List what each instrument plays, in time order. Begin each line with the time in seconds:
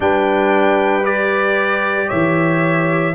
0.00 tuba G3, trombone D4, horn B4, trumpet G5
1.03 trombone G4, trumpet D5
2.07 tuba E3, horn C#5, trumpet E5